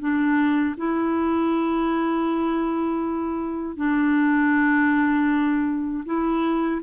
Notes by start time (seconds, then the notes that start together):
0.00 D4
0.78 E4
3.77 D4
6.06 E4